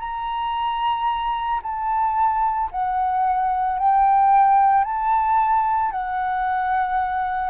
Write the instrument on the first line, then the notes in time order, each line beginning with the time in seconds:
flute
0.00 A#5
1.63 A5
2.72 F#5
3.79 G5
4.85 A5
5.92 F#5